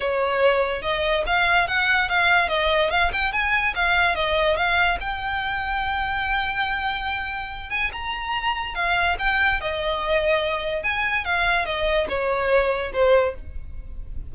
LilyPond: \new Staff \with { instrumentName = "violin" } { \time 4/4 \tempo 4 = 144 cis''2 dis''4 f''4 | fis''4 f''4 dis''4 f''8 g''8 | gis''4 f''4 dis''4 f''4 | g''1~ |
g''2~ g''8 gis''8 ais''4~ | ais''4 f''4 g''4 dis''4~ | dis''2 gis''4 f''4 | dis''4 cis''2 c''4 | }